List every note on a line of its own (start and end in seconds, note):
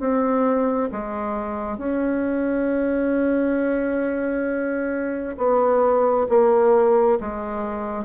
0.00 0.90 C4
0.92 1.78 G#3
1.78 5.36 C#4
5.37 6.27 B3
6.29 7.18 A#3
7.20 8.05 G#3